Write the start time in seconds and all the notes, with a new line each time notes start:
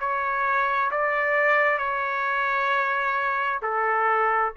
0.00 C#5
0.91 D5
1.79 C#5
3.62 A4